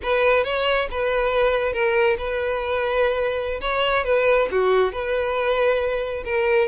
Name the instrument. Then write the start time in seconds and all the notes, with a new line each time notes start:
violin
0.02 B4
0.44 C#5
0.91 B4
1.73 A#4
2.18 B4
3.60 C#5
4.04 B4
4.51 F#4
4.92 B4
6.24 A#4